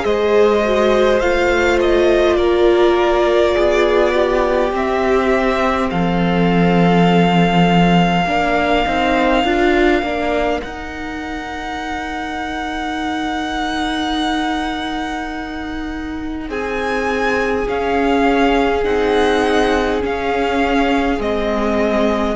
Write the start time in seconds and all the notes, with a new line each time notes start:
0.00 G#3 G#4 C5 D#5
0.64 F#4
1.20 A3 F4 F5
1.80 D#5
2.36 A#3 A#4 D5
3.54 B3 G#4
4.14 G4
4.72 C4 E5
5.90 F3 A4 F5
8.24 A#3 D4 A#4
8.86 C4 D#4
9.44 D4 F4
10.02 A#3 D4
10.61 D#4 F#5
16.49 C4 G#4 G#5
17.67 C#4 F5
18.84 C4 D#4 F#5
20.01 C#4 F5
21.18 G#3 C4 D#5